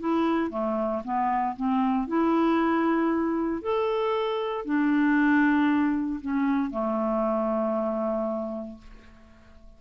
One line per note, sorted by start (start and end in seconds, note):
0.00 0.50 E4
0.50 1.02 A3
1.04 1.56 B3
1.56 2.07 C4
2.07 3.62 E4
3.62 4.65 A4
4.65 6.20 D4
6.21 6.71 C#4
6.71 8.78 A3